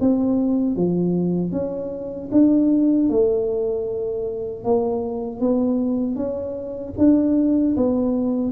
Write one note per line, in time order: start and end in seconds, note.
0.00 0.75 C4
0.75 1.52 F3
1.52 2.30 C#4
2.32 3.09 D4
3.09 4.64 A3
4.64 5.40 A#3
5.40 6.16 B3
6.16 6.94 C#4
6.98 7.76 D4
7.76 8.52 B3